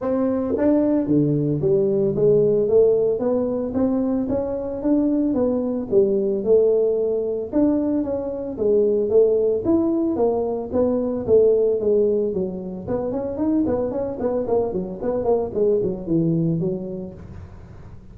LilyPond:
\new Staff \with { instrumentName = "tuba" } { \time 4/4 \tempo 4 = 112 c'4 d'4 d4 g4 | gis4 a4 b4 c'4 | cis'4 d'4 b4 g4 | a2 d'4 cis'4 |
gis4 a4 e'4 ais4 | b4 a4 gis4 fis4 | b8 cis'8 dis'8 b8 cis'8 b8 ais8 fis8 | b8 ais8 gis8 fis8 e4 fis4 | }